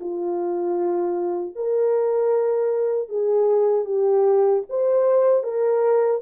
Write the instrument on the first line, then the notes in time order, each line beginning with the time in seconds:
horn
0.00 F4
1.55 A#4
3.09 G#4
3.85 G4
4.69 C5
5.43 A#4